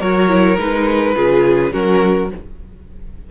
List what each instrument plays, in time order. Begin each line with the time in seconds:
0.00 cello F#3, viola F#4, violin A#4 C#5
0.28 viola E4
0.58 cello G#3, viola D#4, violin B4
1.16 cello C#3, viola F4, violin G#4
1.71 cello F#3, viola C#4, violin F#4 A#4